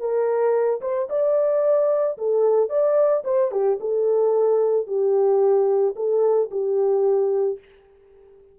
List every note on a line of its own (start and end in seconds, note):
0.00 0.81 A#4
0.82 1.09 C5
1.10 2.18 D5
2.18 2.70 A4
2.70 3.24 D5
3.25 3.52 C5
3.52 3.79 G4
3.81 4.87 A4
4.87 5.95 G4
5.96 6.50 A4
6.51 7.59 G4